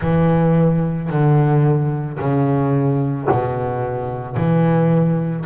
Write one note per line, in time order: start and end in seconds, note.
0.00 1.09 E3
1.09 2.18 D3
2.19 3.28 C#3
3.31 4.36 B2
4.36 5.45 E3